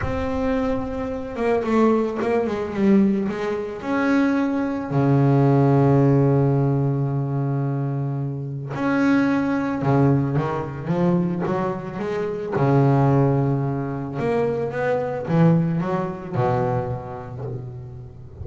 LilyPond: \new Staff \with { instrumentName = "double bass" } { \time 4/4 \tempo 4 = 110 c'2~ c'8 ais8 a4 | ais8 gis8 g4 gis4 cis'4~ | cis'4 cis2.~ | cis1 |
cis'2 cis4 dis4 | f4 fis4 gis4 cis4~ | cis2 ais4 b4 | e4 fis4 b,2 | }